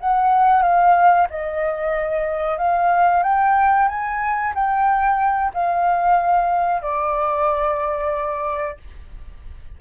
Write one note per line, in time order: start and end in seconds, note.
0.00 0.62 F#5
0.62 1.27 F5
1.30 2.57 D#5
2.57 3.23 F5
3.23 3.88 G5
3.88 4.53 G#5
4.54 5.52 G5
5.54 6.82 F5
6.82 8.77 D5